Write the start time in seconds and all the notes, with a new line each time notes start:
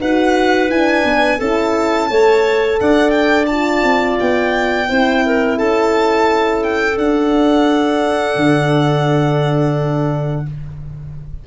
0.00 D#4 F#4 B4 F#5
0.69 D4 E4 G#5
1.04 B3
1.38 C#4 E4 A4 A5
2.10 A3 A4 C#5
2.81 D4 D5 F#5
3.10 G5
3.46 F4 A5
3.84 C4
4.19 B3 G5
4.88 C4 E4 C5
5.25 A#4
5.57 C#4 A4 A5
6.63 G5
6.97 D4 F#5
8.35 D3